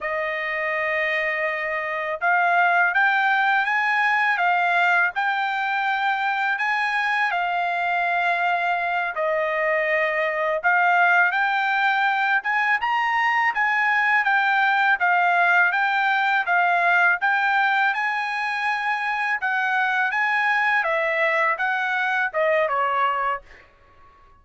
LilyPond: \new Staff \with { instrumentName = "trumpet" } { \time 4/4 \tempo 4 = 82 dis''2. f''4 | g''4 gis''4 f''4 g''4~ | g''4 gis''4 f''2~ | f''8 dis''2 f''4 g''8~ |
g''4 gis''8 ais''4 gis''4 g''8~ | g''8 f''4 g''4 f''4 g''8~ | g''8 gis''2 fis''4 gis''8~ | gis''8 e''4 fis''4 dis''8 cis''4 | }